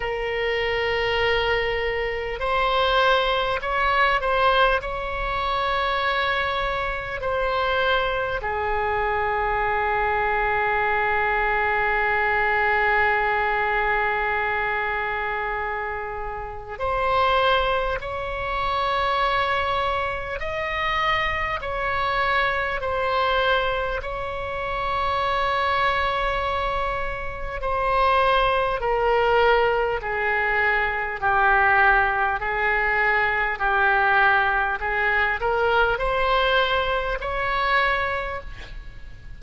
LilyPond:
\new Staff \with { instrumentName = "oboe" } { \time 4/4 \tempo 4 = 50 ais'2 c''4 cis''8 c''8 | cis''2 c''4 gis'4~ | gis'1~ | gis'2 c''4 cis''4~ |
cis''4 dis''4 cis''4 c''4 | cis''2. c''4 | ais'4 gis'4 g'4 gis'4 | g'4 gis'8 ais'8 c''4 cis''4 | }